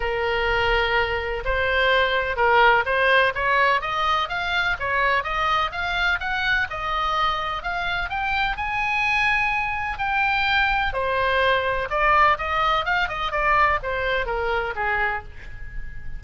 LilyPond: \new Staff \with { instrumentName = "oboe" } { \time 4/4 \tempo 4 = 126 ais'2. c''4~ | c''4 ais'4 c''4 cis''4 | dis''4 f''4 cis''4 dis''4 | f''4 fis''4 dis''2 |
f''4 g''4 gis''2~ | gis''4 g''2 c''4~ | c''4 d''4 dis''4 f''8 dis''8 | d''4 c''4 ais'4 gis'4 | }